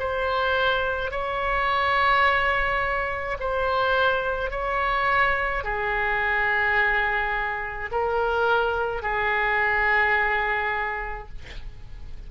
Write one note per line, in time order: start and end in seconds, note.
0.00 1.12 C5
1.12 3.38 C#5
3.40 4.51 C5
4.51 5.64 C#5
5.64 7.91 G#4
7.92 9.03 A#4
9.03 11.29 G#4